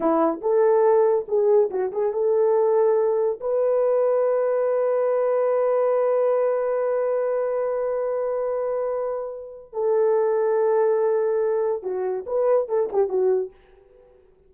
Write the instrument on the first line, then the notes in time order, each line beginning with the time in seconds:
horn
0.00 E4
0.41 A4
1.28 G#4
1.70 F#4
1.92 G#4
2.12 A4
3.40 B4
9.73 A4
11.82 F#4
12.26 B4
12.68 A4
12.92 G4
13.09 F#4